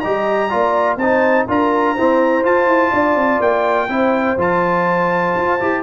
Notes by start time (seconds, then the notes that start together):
0.00 G3 G4 D#5 A#5
0.49 A#3 F4 D5
0.96 C4 D#4 C5 A5
1.48 D4 F4 A#4 A#5
1.94 C4 E4 C5
2.43 F4 A5
2.67 E4
2.91 D4 D5
3.15 C4
3.40 A#3 G5
3.88 C4 E4 C5
4.37 F3 F4 A5
5.36 F4
5.60 E4 G4